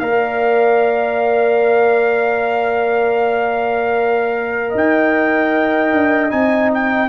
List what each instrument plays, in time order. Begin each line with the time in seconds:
0.00 tuba A#3, trombone A#4, horn D5, trumpet F5
4.70 tuba D#4, horn D#5
4.77 trumpet G5
5.92 tuba D4
6.30 tuba C4, trombone D#4, trumpet G#5
6.75 trumpet G5